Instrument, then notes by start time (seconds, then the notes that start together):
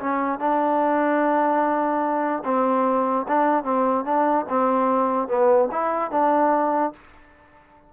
trombone
0.00 C#4
0.40 D4
2.45 C4
3.29 D4
3.64 C4
4.05 D4
4.49 C4
5.29 B3
5.72 E4
6.12 D4